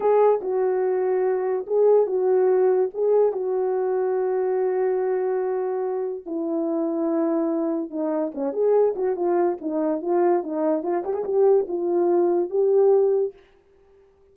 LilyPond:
\new Staff \with { instrumentName = "horn" } { \time 4/4 \tempo 4 = 144 gis'4 fis'2. | gis'4 fis'2 gis'4 | fis'1~ | fis'2. e'4~ |
e'2. dis'4 | cis'8 gis'4 fis'8 f'4 dis'4 | f'4 dis'4 f'8 g'16 gis'16 g'4 | f'2 g'2 | }